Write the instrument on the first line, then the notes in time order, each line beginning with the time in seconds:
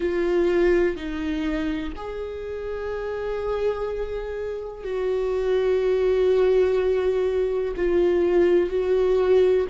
viola
0.00 F4
0.96 D#4
1.96 G#4
4.83 F#4
7.76 F4
8.70 F#4